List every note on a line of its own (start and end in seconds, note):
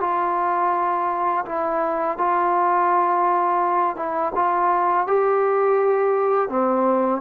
0.00 1.45 F4
1.45 2.17 E4
2.17 3.96 F4
3.96 4.32 E4
4.34 5.07 F4
5.07 6.49 G4
6.49 7.21 C4